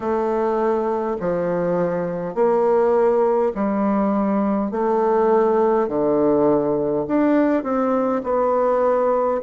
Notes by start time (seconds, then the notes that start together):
0.00 A3
1.20 F3
2.34 A#3
3.55 G3
4.71 A3
5.88 D3
7.07 D4
7.63 C4
8.23 B3